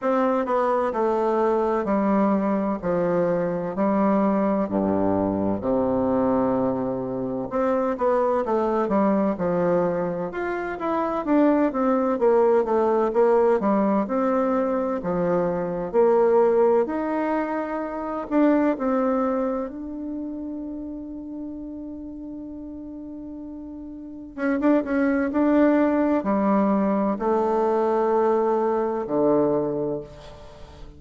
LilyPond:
\new Staff \with { instrumentName = "bassoon" } { \time 4/4 \tempo 4 = 64 c'8 b8 a4 g4 f4 | g4 g,4 c2 | c'8 b8 a8 g8 f4 f'8 e'8 | d'8 c'8 ais8 a8 ais8 g8 c'4 |
f4 ais4 dis'4. d'8 | c'4 d'2.~ | d'2 cis'16 d'16 cis'8 d'4 | g4 a2 d4 | }